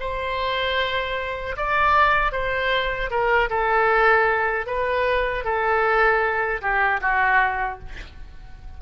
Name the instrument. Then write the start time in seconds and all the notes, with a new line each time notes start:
oboe
0.00 C5
1.57 D5
2.32 C5
3.10 A#4
3.49 A4
4.66 B4
5.44 A4
6.61 G4
7.01 F#4